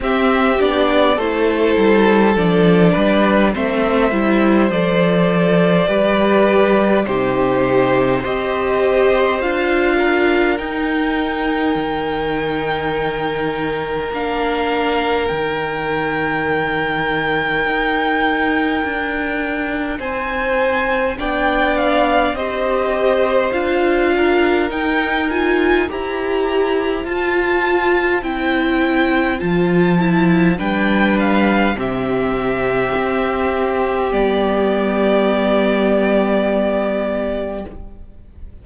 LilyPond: <<
  \new Staff \with { instrumentName = "violin" } { \time 4/4 \tempo 4 = 51 e''8 d''8 c''4 d''4 e''4 | d''2 c''4 dis''4 | f''4 g''2. | f''4 g''2.~ |
g''4 gis''4 g''8 f''8 dis''4 | f''4 g''8 gis''8 ais''4 a''4 | g''4 a''4 g''8 f''8 e''4~ | e''4 d''2. | }
  \new Staff \with { instrumentName = "violin" } { \time 4/4 g'4 a'4. b'8 c''4~ | c''4 b'4 g'4 c''4~ | c''8 ais'2.~ ais'8~ | ais'1~ |
ais'4 c''4 d''4 c''4~ | c''8 ais'4. c''2~ | c''2 b'4 g'4~ | g'1 | }
  \new Staff \with { instrumentName = "viola" } { \time 4/4 c'8 d'8 e'4 d'4 c'8 e'8 | a'4 g'4 dis'4 g'4 | f'4 dis'2. | d'4 dis'2.~ |
dis'2 d'4 g'4 | f'4 dis'8 f'8 g'4 f'4 | e'4 f'8 e'8 d'4 c'4~ | c'4 b2. | }
  \new Staff \with { instrumentName = "cello" } { \time 4/4 c'8 b8 a8 g8 f8 g8 a8 g8 | f4 g4 c4 c'4 | d'4 dis'4 dis2 | ais4 dis2 dis'4 |
d'4 c'4 b4 c'4 | d'4 dis'4 e'4 f'4 | c'4 f4 g4 c4 | c'4 g2. | }
>>